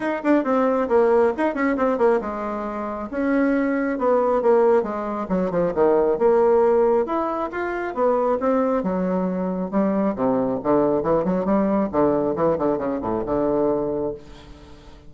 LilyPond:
\new Staff \with { instrumentName = "bassoon" } { \time 4/4 \tempo 4 = 136 dis'8 d'8 c'4 ais4 dis'8 cis'8 | c'8 ais8 gis2 cis'4~ | cis'4 b4 ais4 gis4 | fis8 f8 dis4 ais2 |
e'4 f'4 b4 c'4 | fis2 g4 c4 | d4 e8 fis8 g4 d4 | e8 d8 cis8 a,8 d2 | }